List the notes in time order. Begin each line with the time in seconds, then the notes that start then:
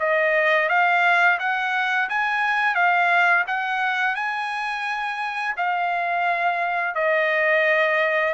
0.00 D#5
0.69 F5
1.40 F#5
2.10 G#5
2.75 F5
3.48 F#5
4.16 G#5
5.57 F5
6.95 D#5